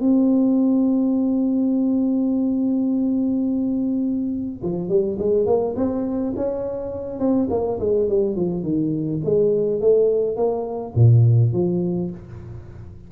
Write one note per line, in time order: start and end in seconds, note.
0.00 4.62 C4
4.63 4.89 F3
4.89 5.17 G3
5.18 5.46 G#3
5.46 5.75 A#3
5.76 6.34 C4
6.36 7.19 C#4
7.19 7.48 C4
7.50 7.79 A#3
7.80 8.08 G#3
8.09 8.35 G3
8.35 8.63 F3
8.63 9.20 D#3
9.24 9.81 G#3
9.81 10.36 A3
10.36 10.94 A#3
10.95 11.53 A#2
11.53 12.10 F3